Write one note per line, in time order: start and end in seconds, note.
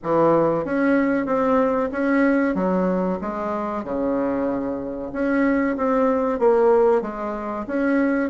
0.03 0.64 E3
0.64 1.26 C#4
1.26 1.89 C4
1.91 2.54 C#4
2.54 3.18 F#3
3.21 3.84 G#3
3.84 5.11 C#3
5.12 5.76 C#4
5.76 6.39 C4
6.39 7.01 A#3
7.01 7.65 G#3
7.67 8.29 C#4